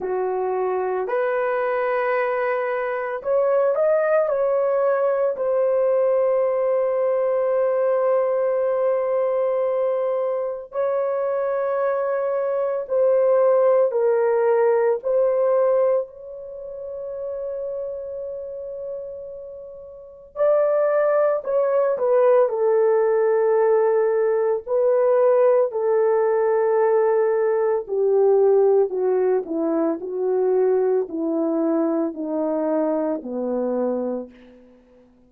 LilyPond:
\new Staff \with { instrumentName = "horn" } { \time 4/4 \tempo 4 = 56 fis'4 b'2 cis''8 dis''8 | cis''4 c''2.~ | c''2 cis''2 | c''4 ais'4 c''4 cis''4~ |
cis''2. d''4 | cis''8 b'8 a'2 b'4 | a'2 g'4 fis'8 e'8 | fis'4 e'4 dis'4 b4 | }